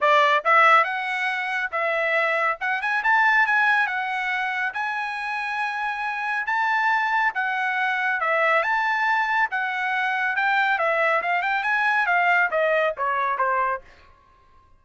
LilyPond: \new Staff \with { instrumentName = "trumpet" } { \time 4/4 \tempo 4 = 139 d''4 e''4 fis''2 | e''2 fis''8 gis''8 a''4 | gis''4 fis''2 gis''4~ | gis''2. a''4~ |
a''4 fis''2 e''4 | a''2 fis''2 | g''4 e''4 f''8 g''8 gis''4 | f''4 dis''4 cis''4 c''4 | }